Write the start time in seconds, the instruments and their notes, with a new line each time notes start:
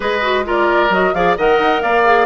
0.00 bassoon G#3, clarinet G#4, oboe B4, flute D#5
0.22 clarinet F#4
0.44 clarinet F4, oboe A#4, flute D5
0.89 bassoon F#3, clarinet F#4, flute D#5
1.13 bassoon F3, clarinet G#4, oboe D5, flute F5
1.37 bassoon D#3, clarinet A#4, oboe D#5, flute F#5
1.59 bassoon D#4
1.81 bassoon A#3, oboe D5, flute F5
2.04 clarinet G#4